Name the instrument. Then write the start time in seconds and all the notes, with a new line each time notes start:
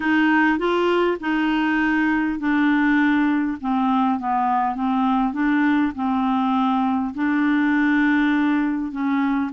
clarinet
0.00 D#4
0.58 F4
1.20 D#4
2.39 D4
3.60 C4
4.19 B3
4.75 C4
5.33 D4
5.95 C4
7.14 D4
8.91 C#4